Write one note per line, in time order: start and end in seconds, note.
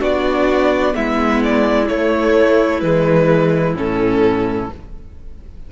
0.00 0.95 B3
0.00 0.94 D4
0.00 0.95 F#4
0.00 0.96 D5
0.94 1.90 G#3
0.94 1.87 B3
0.94 4.71 E4
0.94 1.43 E5
1.44 1.88 D5
1.88 2.83 A3
1.88 2.82 A3
1.88 2.81 C#5
2.81 3.75 E3
2.81 3.76 G#3
2.81 3.75 B4
3.75 4.69 A2
3.75 4.70 C#4
3.75 4.73 A4